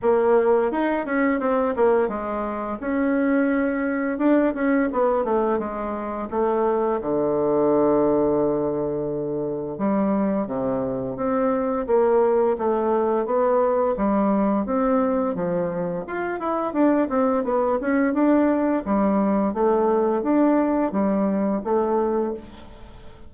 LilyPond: \new Staff \with { instrumentName = "bassoon" } { \time 4/4 \tempo 4 = 86 ais4 dis'8 cis'8 c'8 ais8 gis4 | cis'2 d'8 cis'8 b8 a8 | gis4 a4 d2~ | d2 g4 c4 |
c'4 ais4 a4 b4 | g4 c'4 f4 f'8 e'8 | d'8 c'8 b8 cis'8 d'4 g4 | a4 d'4 g4 a4 | }